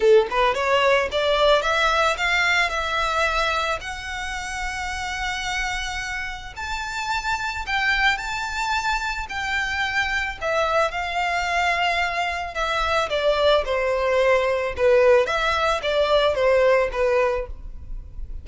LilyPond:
\new Staff \with { instrumentName = "violin" } { \time 4/4 \tempo 4 = 110 a'8 b'8 cis''4 d''4 e''4 | f''4 e''2 fis''4~ | fis''1 | a''2 g''4 a''4~ |
a''4 g''2 e''4 | f''2. e''4 | d''4 c''2 b'4 | e''4 d''4 c''4 b'4 | }